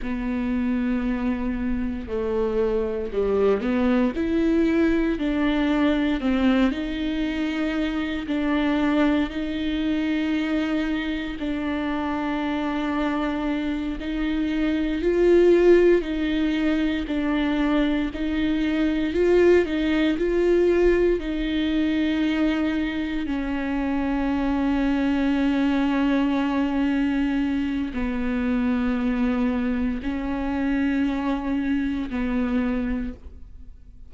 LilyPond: \new Staff \with { instrumentName = "viola" } { \time 4/4 \tempo 4 = 58 b2 a4 g8 b8 | e'4 d'4 c'8 dis'4. | d'4 dis'2 d'4~ | d'4. dis'4 f'4 dis'8~ |
dis'8 d'4 dis'4 f'8 dis'8 f'8~ | f'8 dis'2 cis'4.~ | cis'2. b4~ | b4 cis'2 b4 | }